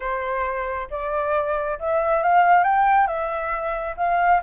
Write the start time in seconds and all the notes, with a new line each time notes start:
0.00 C5
0.90 D5
1.79 E5
2.22 F5
2.63 G5
3.07 E5
3.96 F5